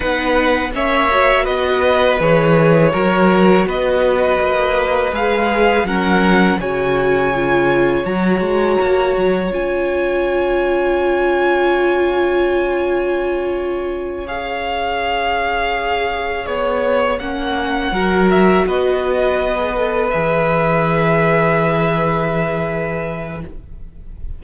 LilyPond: <<
  \new Staff \with { instrumentName = "violin" } { \time 4/4 \tempo 4 = 82 fis''4 e''4 dis''4 cis''4~ | cis''4 dis''2 f''4 | fis''4 gis''2 ais''4~ | ais''4 gis''2.~ |
gis''2.~ gis''8 f''8~ | f''2~ f''8 cis''4 fis''8~ | fis''4 e''8 dis''2 e''8~ | e''1 | }
  \new Staff \with { instrumentName = "violin" } { \time 4/4 b'4 cis''4 b'2 | ais'4 b'2. | ais'4 cis''2.~ | cis''1~ |
cis''1~ | cis''1~ | cis''8 ais'4 b'2~ b'8~ | b'1 | }
  \new Staff \with { instrumentName = "viola" } { \time 4/4 dis'4 cis'8 fis'4. gis'4 | fis'2. gis'4 | cis'4 fis'4 f'4 fis'4~ | fis'4 f'2.~ |
f'2.~ f'8 gis'8~ | gis'2.~ gis'8 cis'8~ | cis'8 fis'2~ fis'16 gis'16 a'8 gis'8~ | gis'1 | }
  \new Staff \with { instrumentName = "cello" } { \time 4/4 b4 ais4 b4 e4 | fis4 b4 ais4 gis4 | fis4 cis2 fis8 gis8 | ais8 fis8 cis'2.~ |
cis'1~ | cis'2~ cis'8 b4 ais8~ | ais8 fis4 b2 e8~ | e1 | }
>>